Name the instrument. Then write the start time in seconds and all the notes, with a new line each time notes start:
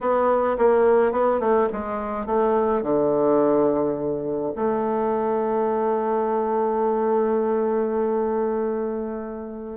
bassoon
0.00 B3
0.58 A#3
1.12 B3
1.39 A3
1.72 G#3
2.26 A3
2.82 D3
4.55 A3